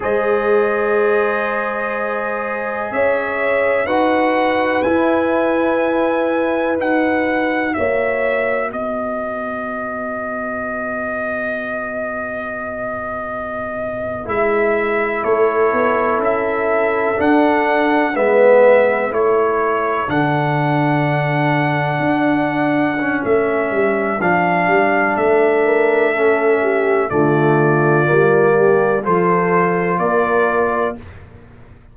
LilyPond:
<<
  \new Staff \with { instrumentName = "trumpet" } { \time 4/4 \tempo 4 = 62 dis''2. e''4 | fis''4 gis''2 fis''4 | e''4 dis''2.~ | dis''2~ dis''8. e''4 cis''16~ |
cis''8. e''4 fis''4 e''4 cis''16~ | cis''8. fis''2.~ fis''16 | e''4 f''4 e''2 | d''2 c''4 d''4 | }
  \new Staff \with { instrumentName = "horn" } { \time 4/4 c''2. cis''4 | b'1 | cis''4 b'2.~ | b'2.~ b'8. a'16~ |
a'2~ a'8. b'4 a'16~ | a'1~ | a'2~ a'8 ais'8 a'8 g'8 | f'4. g'8 a'4 ais'4 | }
  \new Staff \with { instrumentName = "trombone" } { \time 4/4 gis'1 | fis'4 e'2 fis'4~ | fis'1~ | fis'2~ fis'8. e'4~ e'16~ |
e'4.~ e'16 d'4 b4 e'16~ | e'8. d'2. cis'16~ | cis'4 d'2 cis'4 | a4 ais4 f'2 | }
  \new Staff \with { instrumentName = "tuba" } { \time 4/4 gis2. cis'4 | dis'4 e'2 dis'4 | ais4 b2.~ | b2~ b8. gis4 a16~ |
a16 b8 cis'4 d'4 gis4 a16~ | a8. d2 d'4~ d'16 | a8 g8 f8 g8 a2 | d4 g4 f4 ais4 | }
>>